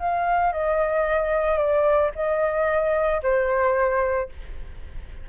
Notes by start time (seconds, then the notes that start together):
0.00 F5
0.53 D#5
1.58 D5
2.16 D#5
3.23 C5